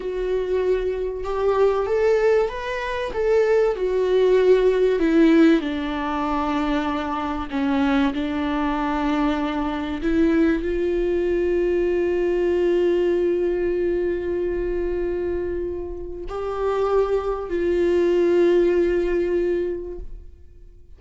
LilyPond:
\new Staff \with { instrumentName = "viola" } { \time 4/4 \tempo 4 = 96 fis'2 g'4 a'4 | b'4 a'4 fis'2 | e'4 d'2. | cis'4 d'2. |
e'4 f'2.~ | f'1~ | f'2 g'2 | f'1 | }